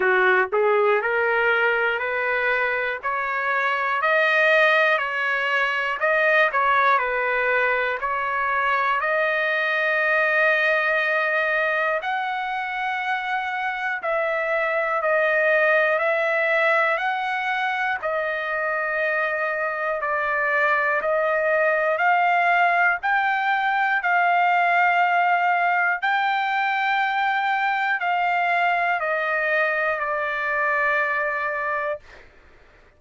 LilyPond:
\new Staff \with { instrumentName = "trumpet" } { \time 4/4 \tempo 4 = 60 fis'8 gis'8 ais'4 b'4 cis''4 | dis''4 cis''4 dis''8 cis''8 b'4 | cis''4 dis''2. | fis''2 e''4 dis''4 |
e''4 fis''4 dis''2 | d''4 dis''4 f''4 g''4 | f''2 g''2 | f''4 dis''4 d''2 | }